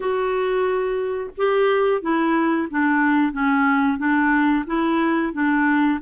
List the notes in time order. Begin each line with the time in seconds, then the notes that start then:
0.00 F#4
1.37 G4
2.01 E4
2.70 D4
3.32 C#4
3.98 D4
4.66 E4
5.33 D4